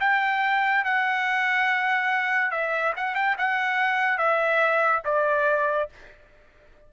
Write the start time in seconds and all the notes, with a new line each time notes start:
0.00 G5
0.84 F#5
2.51 E5
2.96 F#5
3.15 G5
3.38 F#5
4.18 E5
5.04 D5